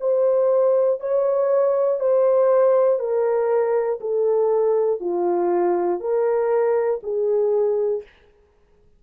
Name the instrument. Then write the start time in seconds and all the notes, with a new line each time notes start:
horn
0.00 C5
1.00 C#5
2.00 C5
3.00 A#4
4.00 A4
5.00 F4
6.00 A#4
7.03 G#4